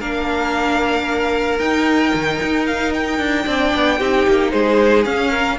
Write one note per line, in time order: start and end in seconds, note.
0.00 1.59 A#3
0.00 1.60 D4
0.00 3.45 A#4
0.00 1.59 F5
1.59 2.12 D#4
1.59 3.46 D#4
1.59 2.65 G5
2.14 2.41 D#3
2.42 3.19 D#4
2.67 2.93 F5
2.93 4.51 G5
3.19 3.45 D4
3.45 3.73 C4
3.45 3.99 D4
3.45 3.99 D5
3.75 4.00 B3
3.99 4.27 C4
3.99 5.05 D#4
3.99 4.52 G4
4.27 4.53 A#3
4.51 5.06 G#3
4.51 5.31 G#4
4.51 5.04 C5
5.05 5.58 C#4
5.05 5.59 C#4
5.05 5.58 F5
5.31 5.57 A#4